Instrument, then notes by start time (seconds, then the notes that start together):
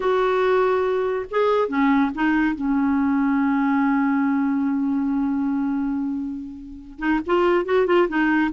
clarinet
0.00 F#4
1.30 G#4
1.68 C#4
2.14 D#4
2.55 C#4
6.98 D#4
7.26 F4
7.65 F#4
7.86 F4
8.08 D#4